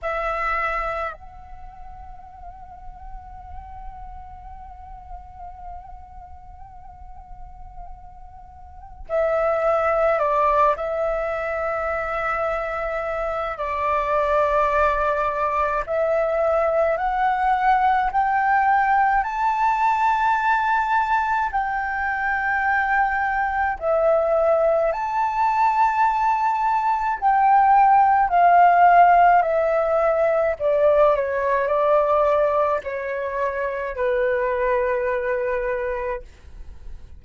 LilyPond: \new Staff \with { instrumentName = "flute" } { \time 4/4 \tempo 4 = 53 e''4 fis''2.~ | fis''1 | e''4 d''8 e''2~ e''8 | d''2 e''4 fis''4 |
g''4 a''2 g''4~ | g''4 e''4 a''2 | g''4 f''4 e''4 d''8 cis''8 | d''4 cis''4 b'2 | }